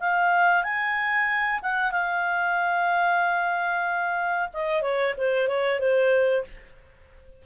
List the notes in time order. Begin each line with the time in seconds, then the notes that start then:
0.00 F5
0.63 G#5
1.62 F#5
1.91 F5
4.54 D#5
4.82 C#5
5.17 C5
5.48 C#5
5.79 C5